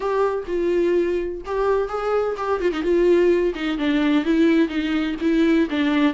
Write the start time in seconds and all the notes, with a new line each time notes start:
0.00 G4
0.47 F4
1.45 G4
1.88 G#4
2.37 G4
2.60 F4
2.72 D#4
2.82 F4
3.54 D#4
3.78 D4
4.24 E4
4.68 D#4
5.21 E4
5.70 D4